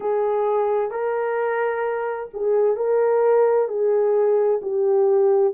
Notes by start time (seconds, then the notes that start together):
0.00 G#4
0.91 A#4
2.33 G#4
2.76 A#4
3.68 G#4
4.62 G4